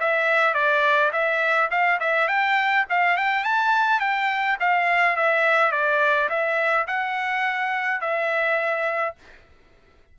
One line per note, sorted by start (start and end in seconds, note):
0.00 0.54 E5
0.54 1.11 D5
1.12 1.70 E5
1.71 1.99 F5
2.00 2.28 E5
2.28 2.85 G5
2.90 3.17 F5
3.17 3.44 G5
3.44 4.00 A5
4.00 4.57 G5
4.60 5.16 F5
5.16 5.72 E5
5.72 6.29 D5
6.29 6.86 E5
6.87 8.01 F#5
8.01 9.15 E5